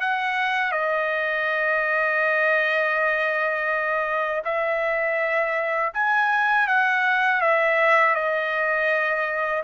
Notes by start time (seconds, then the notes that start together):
0.00 F#5
0.72 D#5
4.44 E5
5.94 G#5
6.67 F#5
7.41 E5
8.15 D#5